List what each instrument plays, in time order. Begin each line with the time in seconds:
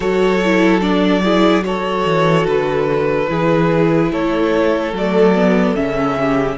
0.00 cello F#3, viola F#4, violin A4 C#5
0.45 viola E4
0.81 viola D4, violin D5
1.23 viola E4, violin G#4
1.62 viola F#4, violin A4 C#5
2.05 cello E3
2.46 cello D3, violin B4
3.27 cello E3, viola E4, violin G#4
4.11 cello A3, violin A4 C#5
4.92 cello F#3, viola A3, violin D5
5.34 viola B3
5.75 cello C#3, viola C#4, violin E5
6.19 violin G4